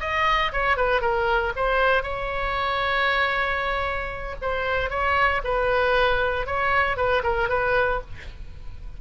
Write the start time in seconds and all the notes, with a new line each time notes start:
0.00 D#5
0.52 C#5
0.77 B4
1.01 A#4
1.56 C5
2.03 C#5
4.42 C5
4.90 C#5
5.44 B4
6.46 C#5
6.97 B4
7.23 A#4
7.49 B4